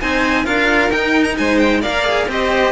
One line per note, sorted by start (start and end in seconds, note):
0.00 0.46 C4
0.00 0.45 D#4
0.00 0.45 C5
0.00 0.46 G#5
0.45 0.89 D4
0.45 0.90 F4
0.45 1.36 A#4
0.45 0.91 F5
0.89 1.35 D#4
0.89 1.82 D#4
0.89 1.24 G5
1.24 1.35 A#5
1.37 1.85 G#3
1.37 1.81 C5
1.37 1.58 G#5
1.58 1.81 G5
1.81 2.27 A#3
1.81 2.04 A#4
1.81 2.27 D5
1.81 2.28 F5
2.04 2.27 G#4
2.27 2.72 C4
2.27 2.72 G4
2.27 2.72 C5
2.27 2.72 D#5